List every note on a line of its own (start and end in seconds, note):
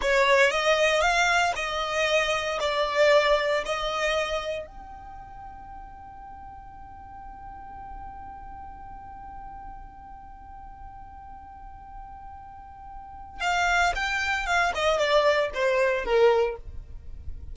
0.01 0.51 C#5
0.51 1.01 D#5
1.01 1.52 F5
1.55 2.59 D#5
2.60 3.63 D5
3.65 4.66 D#5
4.66 13.40 G5
13.40 13.92 F5
13.95 14.46 G5
14.46 14.72 F5
14.74 14.98 D#5
14.98 15.50 D5
15.54 16.04 C5
16.04 16.56 A#4